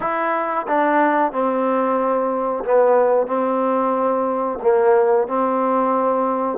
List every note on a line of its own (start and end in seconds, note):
0.00 0.66 E4
0.67 1.32 D4
1.32 2.64 C4
2.64 3.26 B3
3.26 4.58 C4
4.62 5.27 A#3
5.27 6.58 C4